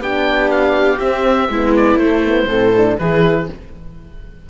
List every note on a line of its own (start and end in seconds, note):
0.00 0.99 B3
0.00 1.00 D4
0.00 1.50 G4
0.00 0.51 G5
0.51 1.00 F5
1.00 1.49 C4
1.00 1.50 C4
1.00 1.74 E5
1.49 1.96 G#3
1.49 2.02 B3
1.49 2.49 E4
1.77 1.99 D5
1.96 2.46 A3
1.96 2.26 A3
1.96 2.98 C5
2.26 2.49 B3
2.47 2.97 A2
2.47 2.73 C4
2.47 2.99 A4
2.77 3.00 D4
2.99 3.49 E3
2.99 3.50 E4
2.99 3.50 G#4
2.99 3.48 B4